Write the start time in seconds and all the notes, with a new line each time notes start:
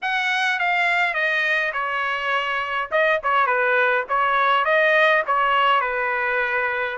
0.02 F#5
0.59 F5
1.14 D#5
1.73 C#5
2.91 D#5
3.23 C#5
3.46 B4
4.09 C#5
4.64 D#5
5.26 C#5
5.81 B4